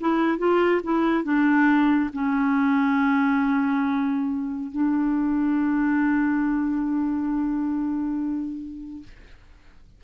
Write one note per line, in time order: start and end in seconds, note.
0.00 0.38 E4
0.38 0.81 F4
0.83 1.23 E4
1.23 2.10 D4
2.13 4.71 C#4
4.71 9.03 D4